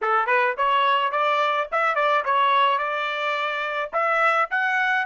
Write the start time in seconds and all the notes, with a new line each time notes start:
0.01 A4
0.26 B4
0.57 C#5
1.11 D5
1.71 E5
1.95 D5
2.24 C#5
2.78 D5
3.92 E5
4.50 F#5